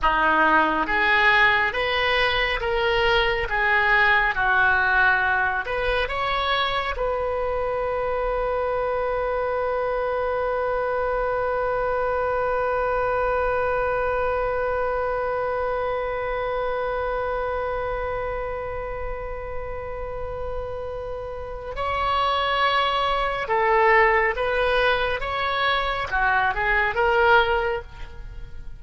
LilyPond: \new Staff \with { instrumentName = "oboe" } { \time 4/4 \tempo 4 = 69 dis'4 gis'4 b'4 ais'4 | gis'4 fis'4. b'8 cis''4 | b'1~ | b'1~ |
b'1~ | b'1~ | b'4 cis''2 a'4 | b'4 cis''4 fis'8 gis'8 ais'4 | }